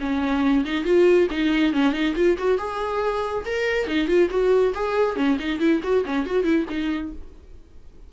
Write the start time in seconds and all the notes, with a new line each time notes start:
0.00 C#4
0.65 D#4
0.84 F4
1.31 D#4
1.73 C#4
1.93 D#4
2.16 F4
2.38 F#4
2.58 G#4
3.46 A#4
3.88 D#4
4.08 F4
4.30 F#4
4.74 G#4
5.16 C#4
5.39 D#4
5.60 E4
5.83 F#4
6.05 C#4
6.26 F#4
6.44 E4
6.69 D#4